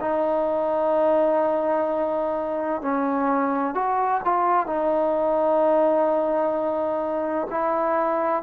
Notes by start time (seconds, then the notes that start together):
0.00 D#4
2.81 C#4
3.74 F#4
4.24 F4
4.66 D#4
7.50 E4